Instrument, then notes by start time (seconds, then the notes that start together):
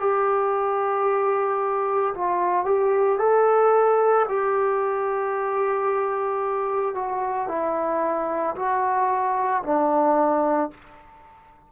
trombone
0.00 G4
2.15 F4
2.65 G4
3.19 A4
4.29 G4
6.95 F#4
7.49 E4
8.56 F#4
9.64 D4